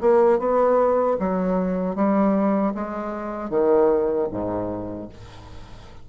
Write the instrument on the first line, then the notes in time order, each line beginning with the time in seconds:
bassoon
0.00 A#3
0.39 B3
1.19 F#3
1.95 G3
2.74 G#3
3.49 D#3
4.31 G#2